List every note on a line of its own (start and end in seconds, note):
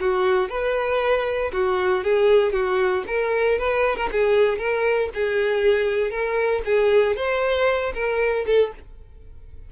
0.00 0.49 F#4
0.49 1.52 B4
1.52 2.04 F#4
2.04 2.53 G#4
2.53 3.04 F#4
3.07 3.59 A#4
3.59 3.96 B4
3.96 4.09 A#4
4.12 4.58 G#4
4.58 5.10 A#4
5.14 6.10 G#4
6.10 6.62 A#4
6.65 7.16 G#4
7.16 7.93 C5
7.94 8.45 A#4
8.46 8.72 A4